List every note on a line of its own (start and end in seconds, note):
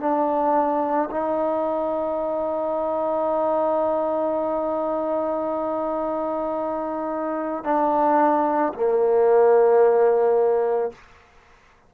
0.00 1.09 D4
1.11 7.64 D#4
7.64 8.73 D4
8.74 10.92 A#3